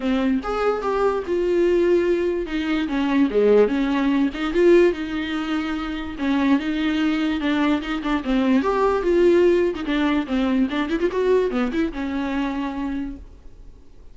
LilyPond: \new Staff \with { instrumentName = "viola" } { \time 4/4 \tempo 4 = 146 c'4 gis'4 g'4 f'4~ | f'2 dis'4 cis'4 | gis4 cis'4. dis'8 f'4 | dis'2. cis'4 |
dis'2 d'4 dis'8 d'8 | c'4 g'4 f'4.~ f'16 dis'16 | d'4 c'4 d'8 e'16 f'16 fis'4 | b8 e'8 cis'2. | }